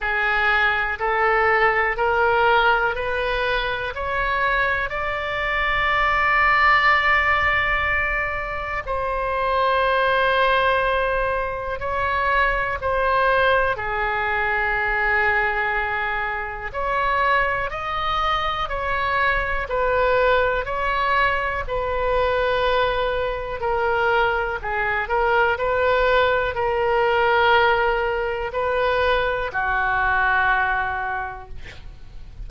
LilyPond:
\new Staff \with { instrumentName = "oboe" } { \time 4/4 \tempo 4 = 61 gis'4 a'4 ais'4 b'4 | cis''4 d''2.~ | d''4 c''2. | cis''4 c''4 gis'2~ |
gis'4 cis''4 dis''4 cis''4 | b'4 cis''4 b'2 | ais'4 gis'8 ais'8 b'4 ais'4~ | ais'4 b'4 fis'2 | }